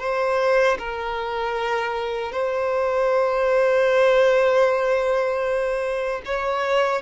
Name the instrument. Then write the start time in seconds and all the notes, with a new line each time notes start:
violin
0.00 C5
0.79 A#4
2.32 C5
6.25 C#5